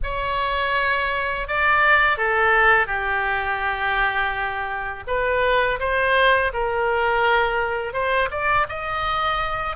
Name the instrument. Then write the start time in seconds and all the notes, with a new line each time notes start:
oboe
0.03 C#5
1.47 D5
2.17 A4
2.86 G4
5.07 B4
5.79 C5
6.53 A#4
7.93 C5
8.30 D5
8.68 D#5